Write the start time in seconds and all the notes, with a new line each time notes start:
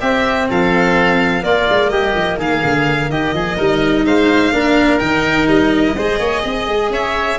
0.00 C4 G4 E5
0.49 F3 A4 F5
1.41 A#3 F4 D5
1.69 G#3
1.89 G3 G4 D#5
2.15 F3
2.37 D#3 G#4 F5
2.64 D3
3.09 D#3 G4 D#5
3.33 F3 G#4
3.57 G3 D#4 A#4
4.05 G#3 C5 F5
4.52 A#3 D4 A#4
4.99 D#3 D#4 G5
5.48 G3 D#5
5.97 G#3 G#4 C5
6.19 A#3 C#5
6.42 C4 D#5
6.67 G#3
6.90 C#4 C#5 E5